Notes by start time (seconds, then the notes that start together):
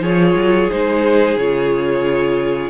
0.00 F3 F4 G#4 C#5
0.34 F#3
0.70 G#3 D#4 C5
1.36 C#3 F4 C#5